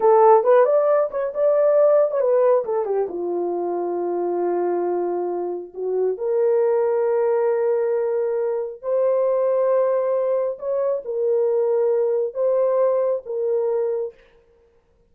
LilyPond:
\new Staff \with { instrumentName = "horn" } { \time 4/4 \tempo 4 = 136 a'4 b'8 d''4 cis''8 d''4~ | d''8. cis''16 b'4 a'8 g'8 f'4~ | f'1~ | f'4 fis'4 ais'2~ |
ais'1 | c''1 | cis''4 ais'2. | c''2 ais'2 | }